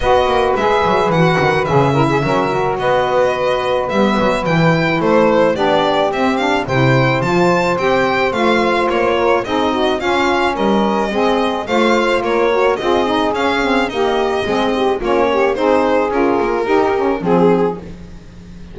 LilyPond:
<<
  \new Staff \with { instrumentName = "violin" } { \time 4/4 \tempo 4 = 108 dis''4 e''4 fis''4 e''4~ | e''4 dis''2 e''4 | g''4 c''4 d''4 e''8 f''8 | g''4 a''4 g''4 f''4 |
cis''4 dis''4 f''4 dis''4~ | dis''4 f''4 cis''4 dis''4 | f''4 dis''2 cis''4 | c''4 ais'2 gis'4 | }
  \new Staff \with { instrumentName = "saxophone" } { \time 4/4 b'2.~ b'8 ais'16 gis'16 | ais'4 b'2.~ | b'4 a'4 g'2 | c''1~ |
c''8 ais'8 gis'8 fis'8 f'4 ais'4 | gis'4 c''4 ais'4 gis'4~ | gis'4 g'4 gis'8 g'8 f'8 g'8 | gis'2 g'4 gis'4 | }
  \new Staff \with { instrumentName = "saxophone" } { \time 4/4 fis'4 gis'4 fis'4 gis'8 e'8 | cis'8 fis'2~ fis'8 b4 | e'2 d'4 c'8 d'8 | e'4 f'4 g'4 f'4~ |
f'4 dis'4 cis'2 | c'4 f'4. fis'8 f'8 dis'8 | cis'8 c'8 ais4 c'4 cis'4 | dis'4 f'4 dis'8 cis'8 c'4 | }
  \new Staff \with { instrumentName = "double bass" } { \time 4/4 b8 ais8 gis8 fis8 e8 dis8 cis4 | fis4 b2 g8 fis8 | e4 a4 b4 c'4 | c4 f4 c'4 a4 |
ais4 c'4 cis'4 g4 | gis4 a4 ais4 c'4 | cis'4 dis'4 gis4 ais4 | c'4 cis'8 ais8 dis'4 f4 | }
>>